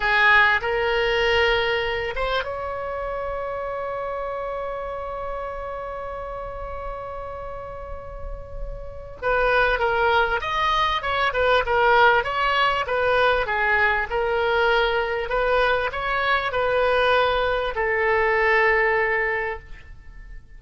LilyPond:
\new Staff \with { instrumentName = "oboe" } { \time 4/4 \tempo 4 = 98 gis'4 ais'2~ ais'8 c''8 | cis''1~ | cis''1~ | cis''2. b'4 |
ais'4 dis''4 cis''8 b'8 ais'4 | cis''4 b'4 gis'4 ais'4~ | ais'4 b'4 cis''4 b'4~ | b'4 a'2. | }